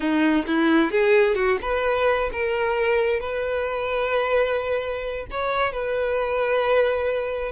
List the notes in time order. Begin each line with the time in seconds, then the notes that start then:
0.00 D#4
0.46 E4
0.91 G#4
1.35 F#4
1.61 B4
2.32 A#4
3.20 B4
5.30 C#5
5.72 B4